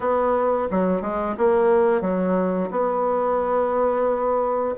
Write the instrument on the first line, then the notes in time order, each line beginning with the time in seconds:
bassoon
0.00 B3
0.71 F#3
1.01 G#3
1.37 A#3
2.01 F#3
2.70 B3